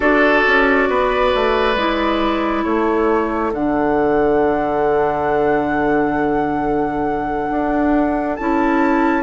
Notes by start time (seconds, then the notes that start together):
0.00 D4 F#4 A4 D5
0.47 C#4
0.89 B3 B4
1.35 A3
1.75 G#3 E4
2.63 A3 A4 C#5
3.52 D3 D4 F#5
7.50 D4
8.36 C#4 E4 A5